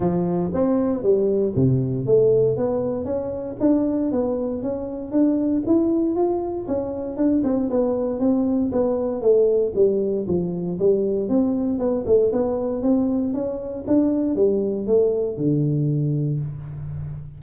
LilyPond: \new Staff \with { instrumentName = "tuba" } { \time 4/4 \tempo 4 = 117 f4 c'4 g4 c4 | a4 b4 cis'4 d'4 | b4 cis'4 d'4 e'4 | f'4 cis'4 d'8 c'8 b4 |
c'4 b4 a4 g4 | f4 g4 c'4 b8 a8 | b4 c'4 cis'4 d'4 | g4 a4 d2 | }